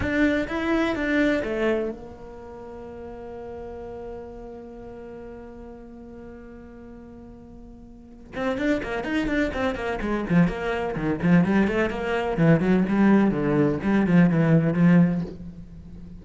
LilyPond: \new Staff \with { instrumentName = "cello" } { \time 4/4 \tempo 4 = 126 d'4 e'4 d'4 a4 | ais1~ | ais1~ | ais1~ |
ais4. c'8 d'8 ais8 dis'8 d'8 | c'8 ais8 gis8 f8 ais4 dis8 f8 | g8 a8 ais4 e8 fis8 g4 | d4 g8 f8 e4 f4 | }